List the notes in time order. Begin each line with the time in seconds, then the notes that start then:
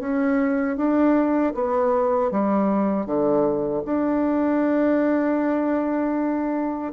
0.00 C#4
0.77 D4
1.55 B3
2.31 G3
3.06 D3
3.85 D4